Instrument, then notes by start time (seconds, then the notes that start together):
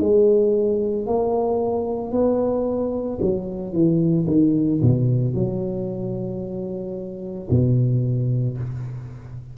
tuba
0.00 G#3
1.07 A#3
2.12 B3
3.21 F#3
3.73 E3
4.27 D#3
4.82 B2
5.35 F#3
7.50 B2